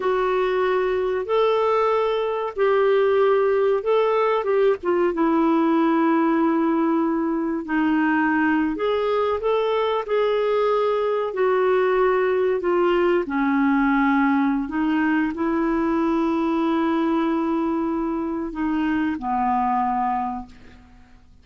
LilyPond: \new Staff \with { instrumentName = "clarinet" } { \time 4/4 \tempo 4 = 94 fis'2 a'2 | g'2 a'4 g'8 f'8 | e'1 | dis'4.~ dis'16 gis'4 a'4 gis'16~ |
gis'4.~ gis'16 fis'2 f'16~ | f'8. cis'2~ cis'16 dis'4 | e'1~ | e'4 dis'4 b2 | }